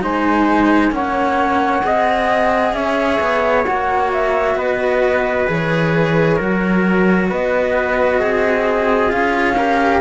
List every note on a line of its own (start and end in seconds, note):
0.00 0.91 G#3
0.00 0.91 D#4
0.00 0.94 C5
0.00 0.93 G#5
0.91 1.82 A#3
0.91 1.81 C#4
0.91 1.85 C#5
0.91 2.73 F#5
1.82 2.73 C4
1.82 3.64 G#4
1.82 2.75 D#5
2.73 3.18 C#4
2.73 4.57 C#5
2.73 3.64 E5
3.20 3.65 B3
3.65 4.55 A#3
3.65 5.47 F#4
3.65 4.10 F#5
4.12 4.58 E5
4.55 5.45 B3
4.55 6.35 B4
4.55 5.48 D#5
5.47 6.40 E3
5.47 6.38 G#4
5.47 7.30 C#5
6.35 7.30 F#3
6.35 9.08 F#4
6.35 7.26 A#4
7.29 8.21 B3
7.29 8.20 B4
7.29 9.11 D#5
8.20 9.12 C4
8.20 9.56 G#4
9.08 10.00 C#4
9.08 9.54 F4
9.08 10.00 F5
9.56 10.00 G4
9.56 10.00 A#4